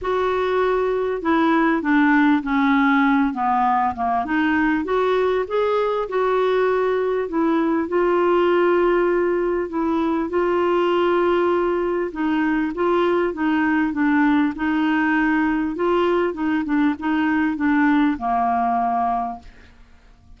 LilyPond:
\new Staff \with { instrumentName = "clarinet" } { \time 4/4 \tempo 4 = 99 fis'2 e'4 d'4 | cis'4. b4 ais8 dis'4 | fis'4 gis'4 fis'2 | e'4 f'2. |
e'4 f'2. | dis'4 f'4 dis'4 d'4 | dis'2 f'4 dis'8 d'8 | dis'4 d'4 ais2 | }